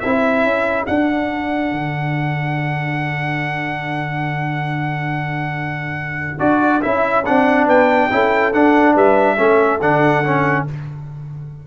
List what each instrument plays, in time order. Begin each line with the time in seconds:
0.00 tuba C4, trombone E4, horn A4, trumpet E5
0.44 tuba C#4
0.86 trombone D4, tuba D4, trumpet F#5
1.72 tuba D3
6.39 tuba D4, trombone F#4, trumpet D5
6.82 tuba C#4, trombone E4, trumpet E5
7.25 tuba C4, trombone D4, trumpet F#5
7.67 tuba B3, horn B4, trumpet G5
8.11 tuba C#4, trombone E4, horn A4
8.53 tuba D4, trombone D4, trumpet F#5
8.95 tuba G3, horn B4, trumpet E5
9.37 tuba A3, trombone C#4, horn A4
9.81 tuba D3, trombone D4, trumpet F#5
10.24 trombone C#4